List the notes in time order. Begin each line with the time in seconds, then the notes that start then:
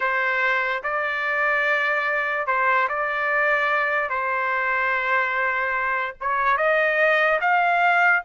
0.00 C5
0.83 D5
2.47 C5
2.88 D5
4.09 C5
6.21 C#5
6.57 D#5
7.40 F5